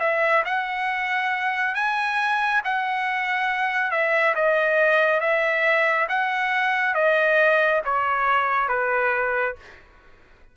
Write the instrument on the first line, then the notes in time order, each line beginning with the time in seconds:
trumpet
0.00 E5
0.45 F#5
1.75 G#5
2.65 F#5
3.91 E5
4.36 D#5
5.21 E5
6.09 F#5
6.95 D#5
7.85 C#5
8.69 B4